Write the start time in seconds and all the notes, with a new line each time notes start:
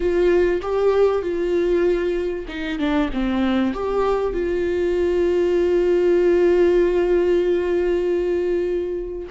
0.00 F4
0.62 G4
1.21 F4
2.48 D#4
2.78 D4
3.13 C4
3.73 G4
4.33 F4